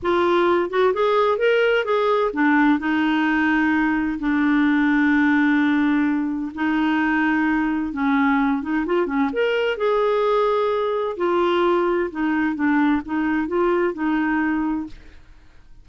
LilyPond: \new Staff \with { instrumentName = "clarinet" } { \time 4/4 \tempo 4 = 129 f'4. fis'8 gis'4 ais'4 | gis'4 d'4 dis'2~ | dis'4 d'2.~ | d'2 dis'2~ |
dis'4 cis'4. dis'8 f'8 cis'8 | ais'4 gis'2. | f'2 dis'4 d'4 | dis'4 f'4 dis'2 | }